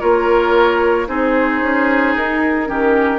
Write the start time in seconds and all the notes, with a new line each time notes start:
0.00 A#3 F4 A#4 C#5
1.07 C4 D#4 G#4 C5
1.62 C#4
2.16 D#4 A#4
2.67 D#3 C#4 G4